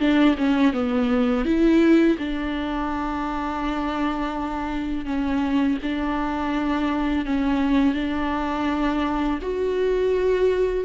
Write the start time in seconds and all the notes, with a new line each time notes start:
0.00 D4
0.38 C#4
0.74 B3
1.45 E4
2.19 D4
5.06 C#4
5.83 D4
7.26 C#4
7.95 D4
9.42 F#4